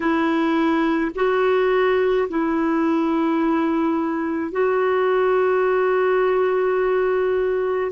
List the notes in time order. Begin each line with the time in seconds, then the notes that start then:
0.00 E4
1.15 F#4
2.29 E4
4.51 F#4